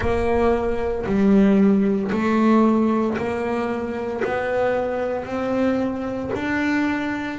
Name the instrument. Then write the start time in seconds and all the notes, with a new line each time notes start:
double bass
0.00 A#3
1.06 G3
2.11 A3
3.17 A#3
4.24 B3
5.25 C4
6.34 D4